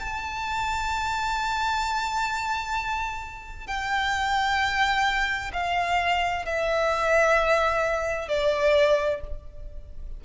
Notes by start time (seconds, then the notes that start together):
0.00 A5
3.67 G5
5.53 F5
6.45 E5
8.28 D5